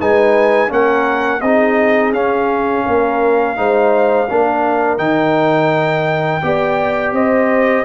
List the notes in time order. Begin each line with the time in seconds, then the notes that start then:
0.00 G#3 D#4 B4 G#5
0.68 A#3 C#4 A#4 F#5
1.41 C4 D#4 G#4 D#5
2.12 C#4 F5
2.85 A#3 A#4
3.56 G#3 D#4 C5
4.29 A#3 D4 A#4
4.98 D#3 D#4 G5
6.42 B3 G4 D5
7.12 C4 C5 D#5